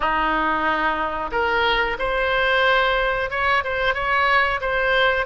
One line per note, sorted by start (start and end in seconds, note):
0.00 1.30 D#4
1.31 1.97 A#4
1.98 3.30 C5
3.30 3.63 C#5
3.64 3.94 C5
3.94 4.60 C#5
4.61 5.25 C5